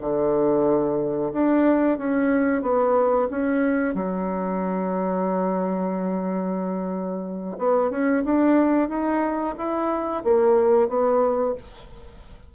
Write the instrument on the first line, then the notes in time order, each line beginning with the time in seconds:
bassoon
0.00 D3
1.32 D4
1.98 C#4
2.62 B3
3.30 C#4
3.94 F#3
7.57 B3
7.90 C#4
8.24 D4
8.88 D#4
9.57 E4
10.23 A#3
10.88 B3